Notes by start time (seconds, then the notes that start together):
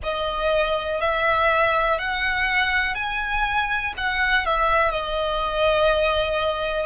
0.03 D#5
1.00 E5
1.99 F#5
2.94 G#5
3.97 F#5
4.45 E5
4.91 D#5